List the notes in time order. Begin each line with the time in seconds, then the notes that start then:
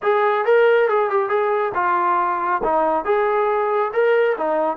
0.02 G#4
0.45 A#4
0.88 G#4
1.10 G4
1.29 G#4
1.74 F4
2.63 D#4
3.04 G#4
3.93 A#4
4.37 D#4